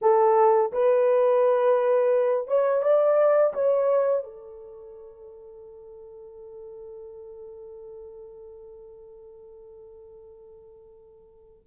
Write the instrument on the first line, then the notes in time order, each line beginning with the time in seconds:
horn
0.01 A4
0.72 B4
2.47 C#5
2.82 D5
3.53 C#5
4.23 A4